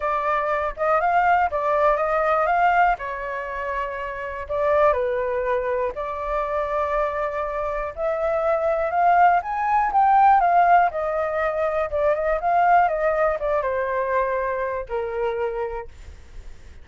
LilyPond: \new Staff \with { instrumentName = "flute" } { \time 4/4 \tempo 4 = 121 d''4. dis''8 f''4 d''4 | dis''4 f''4 cis''2~ | cis''4 d''4 b'2 | d''1 |
e''2 f''4 gis''4 | g''4 f''4 dis''2 | d''8 dis''8 f''4 dis''4 d''8 c''8~ | c''2 ais'2 | }